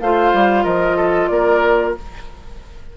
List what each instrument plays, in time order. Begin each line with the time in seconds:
0.00 bassoon A3, clarinet F4, oboe C5, flute F5
0.33 bassoon G3
0.64 bassoon F3, oboe A#4, flute D#5
0.96 oboe A4
1.27 bassoon A#3, oboe A#4, flute D5